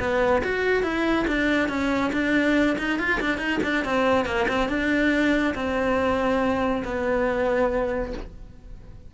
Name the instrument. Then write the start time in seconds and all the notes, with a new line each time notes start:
cello
0.00 B3
0.44 F#4
0.83 E4
1.28 D4
1.69 C#4
2.13 D4
2.79 D#4
2.99 F4
3.21 D4
3.38 D#4
3.64 D4
3.85 C4
4.26 A#3
4.49 C4
4.69 D4
5.55 C4
6.85 B3